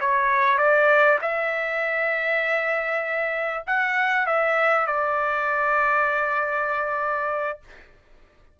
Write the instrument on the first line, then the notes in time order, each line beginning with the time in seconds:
trumpet
0.00 C#5
0.58 D5
1.21 E5
3.67 F#5
4.26 E5
4.87 D5